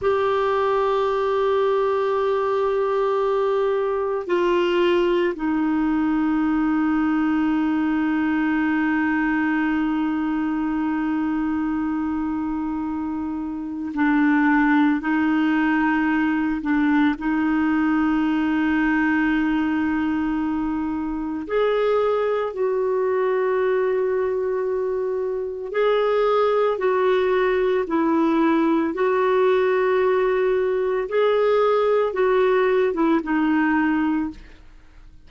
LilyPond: \new Staff \with { instrumentName = "clarinet" } { \time 4/4 \tempo 4 = 56 g'1 | f'4 dis'2.~ | dis'1~ | dis'4 d'4 dis'4. d'8 |
dis'1 | gis'4 fis'2. | gis'4 fis'4 e'4 fis'4~ | fis'4 gis'4 fis'8. e'16 dis'4 | }